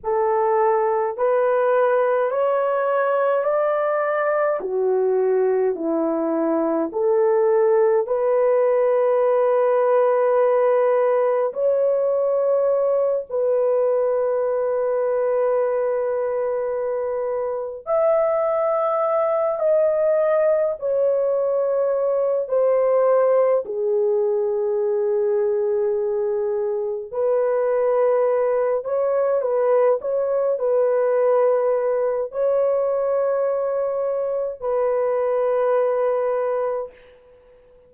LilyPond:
\new Staff \with { instrumentName = "horn" } { \time 4/4 \tempo 4 = 52 a'4 b'4 cis''4 d''4 | fis'4 e'4 a'4 b'4~ | b'2 cis''4. b'8~ | b'2.~ b'8 e''8~ |
e''4 dis''4 cis''4. c''8~ | c''8 gis'2. b'8~ | b'4 cis''8 b'8 cis''8 b'4. | cis''2 b'2 | }